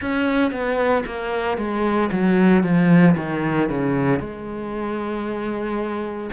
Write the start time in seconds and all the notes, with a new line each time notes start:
0.01 C#4
0.51 B3
1.05 A#3
1.57 G#3
2.11 F#3
2.63 F3
3.16 D#3
3.69 C#3
4.19 G#3